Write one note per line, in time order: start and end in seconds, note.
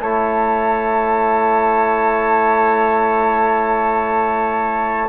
0.00 5.09 A3
0.00 5.09 E4
0.00 5.09 C#5
0.00 5.09 A5